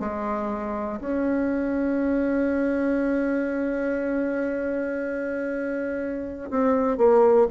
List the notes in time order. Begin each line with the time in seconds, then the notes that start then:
0.00 G#3
1.00 C#4
6.50 C4
6.98 A#3